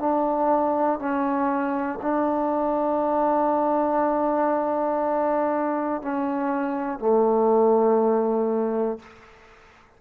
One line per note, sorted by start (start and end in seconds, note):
0.00 0.99 D4
0.99 1.99 C#4
2.02 6.02 D4
6.02 6.99 C#4
6.99 8.99 A3